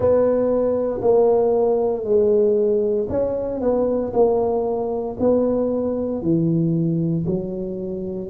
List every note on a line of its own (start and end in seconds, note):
0.00 1.01 B3
1.01 2.04 A#3
2.04 3.07 G#3
3.08 3.60 C#4
3.60 4.12 B3
4.13 5.16 A#3
5.20 6.22 B3
6.22 7.25 E3
7.26 8.29 F#3